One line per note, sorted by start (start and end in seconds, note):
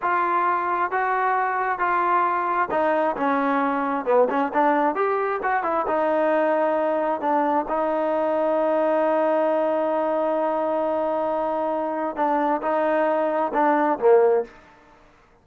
0.01 0.91 F4
0.91 1.78 F#4
1.78 2.68 F4
2.71 3.16 D#4
3.16 4.05 C#4
4.05 4.28 B3
4.29 4.52 C#4
4.53 4.95 D4
4.95 5.40 G4
5.42 5.63 F#4
5.63 5.85 E4
5.87 7.20 D#4
7.20 7.65 D4
7.68 12.16 D#4
12.16 12.61 D4
12.62 13.52 D#4
13.53 13.98 D4
13.99 14.44 A#3